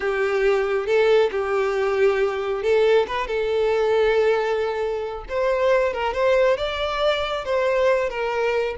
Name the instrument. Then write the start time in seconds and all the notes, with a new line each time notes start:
violin
0.00 G4
0.86 A4
1.31 G4
2.62 A4
3.07 B4
3.27 A4
5.29 C5
5.93 A#4
6.13 C5
6.57 D5
7.44 C5
8.09 A#4